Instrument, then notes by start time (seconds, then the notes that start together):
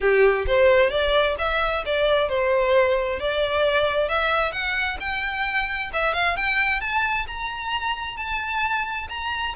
violin
0.00 G4
0.46 C5
0.90 D5
1.38 E5
1.85 D5
2.29 C5
3.19 D5
4.08 E5
4.52 F#5
5.00 G5
5.93 E5
6.13 F5
6.36 G5
6.80 A5
7.27 A#5
8.16 A5
9.09 A#5